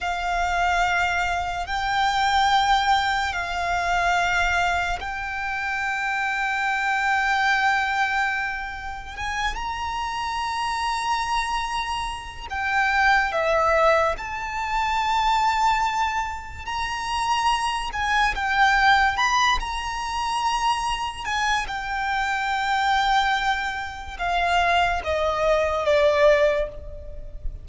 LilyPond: \new Staff \with { instrumentName = "violin" } { \time 4/4 \tempo 4 = 72 f''2 g''2 | f''2 g''2~ | g''2. gis''8 ais''8~ | ais''2. g''4 |
e''4 a''2. | ais''4. gis''8 g''4 b''8 ais''8~ | ais''4. gis''8 g''2~ | g''4 f''4 dis''4 d''4 | }